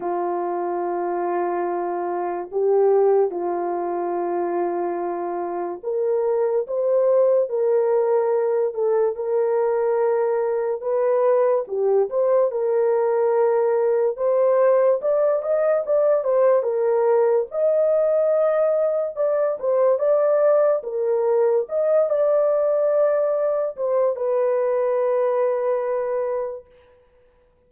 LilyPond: \new Staff \with { instrumentName = "horn" } { \time 4/4 \tempo 4 = 72 f'2. g'4 | f'2. ais'4 | c''4 ais'4. a'8 ais'4~ | ais'4 b'4 g'8 c''8 ais'4~ |
ais'4 c''4 d''8 dis''8 d''8 c''8 | ais'4 dis''2 d''8 c''8 | d''4 ais'4 dis''8 d''4.~ | d''8 c''8 b'2. | }